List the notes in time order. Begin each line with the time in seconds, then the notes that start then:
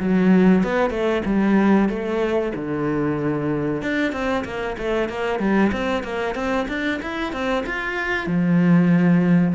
0.00 F#3
0.64 B3
0.91 A3
1.26 G3
1.89 A3
2.55 D3
3.82 D4
4.13 C4
4.45 A#3
4.78 A3
5.09 A#3
5.40 G3
5.72 C4
6.03 A#3
6.35 C4
6.68 D4
7.02 E4
7.33 C4
7.67 F4
8.27 F3